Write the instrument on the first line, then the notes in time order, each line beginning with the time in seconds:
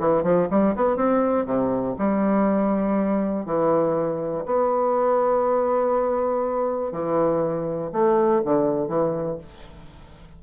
bassoon
0.00 E3
0.24 F3
0.51 G3
0.76 B3
0.97 C4
1.46 C3
1.99 G3
3.46 E3
4.46 B3
6.93 E3
7.93 A3
8.45 D3
8.89 E3